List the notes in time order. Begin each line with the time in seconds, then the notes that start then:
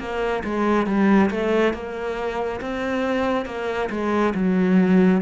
0.00 A#3
0.44 G#3
0.87 G3
1.31 A3
1.74 A#3
2.61 C4
3.46 A#3
3.91 G#3
4.35 F#3